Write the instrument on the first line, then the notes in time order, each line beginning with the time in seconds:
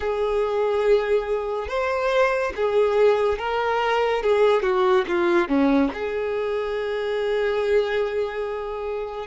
violin
0.00 G#4
1.68 C5
2.56 G#4
3.38 A#4
4.23 G#4
4.62 F#4
5.07 F4
5.48 C#4
5.93 G#4